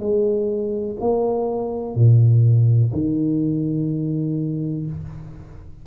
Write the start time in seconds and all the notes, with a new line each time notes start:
0.00 G#3
1.00 A#3
1.95 A#2
2.93 D#3